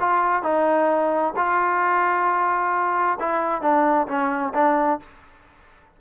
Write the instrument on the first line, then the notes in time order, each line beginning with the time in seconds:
trombone
0.00 F4
0.43 D#4
1.36 F4
3.19 E4
3.62 D4
4.07 C#4
4.54 D4